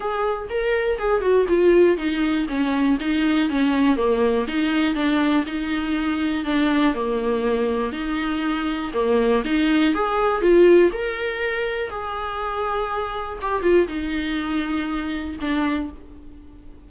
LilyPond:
\new Staff \with { instrumentName = "viola" } { \time 4/4 \tempo 4 = 121 gis'4 ais'4 gis'8 fis'8 f'4 | dis'4 cis'4 dis'4 cis'4 | ais4 dis'4 d'4 dis'4~ | dis'4 d'4 ais2 |
dis'2 ais4 dis'4 | gis'4 f'4 ais'2 | gis'2. g'8 f'8 | dis'2. d'4 | }